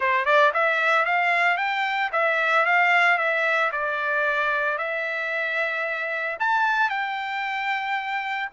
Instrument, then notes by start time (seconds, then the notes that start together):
trumpet
0.00 C5
0.25 D5
0.53 E5
1.05 F5
1.57 G5
2.12 E5
2.65 F5
3.17 E5
3.72 D5
4.77 E5
6.39 A5
6.89 G5